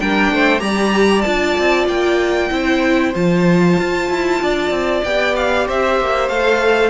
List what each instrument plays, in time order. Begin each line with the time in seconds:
0.00 cello G3, viola D4, violin A#4 G5
0.31 cello A3, violin C5
0.59 cello G3, viola G4, violin D5 A#5
1.21 cello D4, viola F4, violin A5
1.58 cello C4
1.87 cello A#3, violin G5
2.50 cello C4, viola E4, violin C5
3.15 cello F3, viola F4, violin A5
3.79 cello F4
4.10 cello E4
4.42 cello D4, violin D5
4.70 cello C4
5.04 cello B3, viola G4, violin G5
5.36 violin F5
5.67 cello C4, violin C5 E5
6.00 cello A#3
6.29 cello A3, viola A4, violin F5